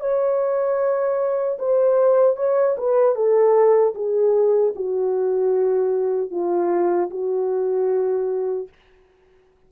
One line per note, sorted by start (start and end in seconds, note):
0.00 1.58 C#5
1.59 2.36 C5
2.36 2.76 C#5
2.77 3.15 B4
3.15 3.94 A4
3.95 4.74 G#4
4.75 6.31 F#4
6.31 7.09 F4
7.10 8.68 F#4